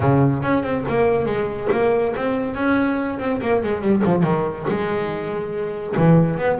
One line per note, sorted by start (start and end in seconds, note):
0.00 0.42 C#3
0.42 0.63 C#4
0.63 0.84 C4
0.88 1.25 A#3
1.25 1.68 G#3
1.72 2.14 A#3
2.16 2.54 C4
2.54 3.18 C#4
3.19 3.40 C4
3.41 3.62 A#3
3.63 3.81 G#3
3.81 4.02 G3
4.04 4.23 F3
4.23 4.66 D#3
4.68 5.95 G#3
5.97 6.37 E3
6.37 6.58 B3